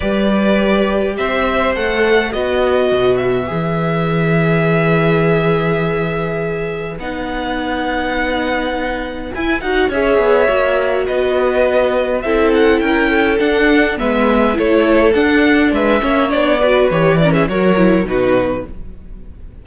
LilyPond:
<<
  \new Staff \with { instrumentName = "violin" } { \time 4/4 \tempo 4 = 103 d''2 e''4 fis''4 | dis''4. e''2~ e''8~ | e''1 | fis''1 |
gis''8 fis''8 e''2 dis''4~ | dis''4 e''8 fis''8 g''4 fis''4 | e''4 cis''4 fis''4 e''4 | d''4 cis''8 d''16 e''16 cis''4 b'4 | }
  \new Staff \with { instrumentName = "violin" } { \time 4/4 b'2 c''2 | b'1~ | b'1~ | b'1~ |
b'4 cis''2 b'4~ | b'4 a'4 ais'8 a'4. | b'4 a'2 b'8 cis''8~ | cis''8 b'4 ais'16 gis'16 ais'4 fis'4 | }
  \new Staff \with { instrumentName = "viola" } { \time 4/4 g'2. a'4 | fis'2 gis'2~ | gis'1 | dis'1 |
e'8 fis'8 gis'4 fis'2~ | fis'4 e'2 d'4 | b4 e'4 d'4. cis'8 | d'8 fis'8 g'8 cis'8 fis'8 e'8 dis'4 | }
  \new Staff \with { instrumentName = "cello" } { \time 4/4 g2 c'4 a4 | b4 b,4 e2~ | e1 | b1 |
e'8 dis'8 cis'8 b8 ais4 b4~ | b4 c'4 cis'4 d'4 | gis4 a4 d'4 gis8 ais8 | b4 e4 fis4 b,4 | }
>>